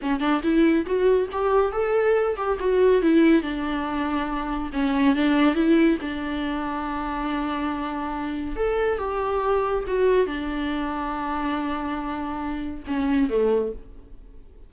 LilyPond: \new Staff \with { instrumentName = "viola" } { \time 4/4 \tempo 4 = 140 cis'8 d'8 e'4 fis'4 g'4 | a'4. g'8 fis'4 e'4 | d'2. cis'4 | d'4 e'4 d'2~ |
d'1 | a'4 g'2 fis'4 | d'1~ | d'2 cis'4 a4 | }